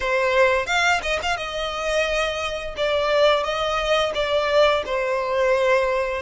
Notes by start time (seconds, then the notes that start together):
0.00 C5
0.66 F5
1.02 D#5
1.22 F5
1.36 D#5
2.76 D5
3.43 D#5
4.14 D5
4.85 C5